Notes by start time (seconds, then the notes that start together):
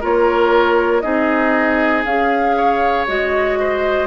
0.00 A#3 F4 A#4 C#5
1.01 C4 D#4 G#4 D#5
2.04 C#4 G#4 F5
2.57 C#5
3.07 G#3 F#4 D#5
3.59 C5